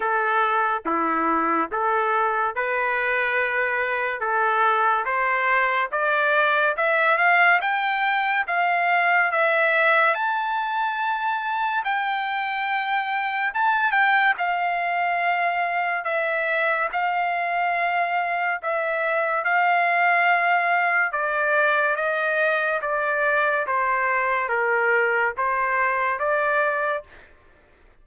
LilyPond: \new Staff \with { instrumentName = "trumpet" } { \time 4/4 \tempo 4 = 71 a'4 e'4 a'4 b'4~ | b'4 a'4 c''4 d''4 | e''8 f''8 g''4 f''4 e''4 | a''2 g''2 |
a''8 g''8 f''2 e''4 | f''2 e''4 f''4~ | f''4 d''4 dis''4 d''4 | c''4 ais'4 c''4 d''4 | }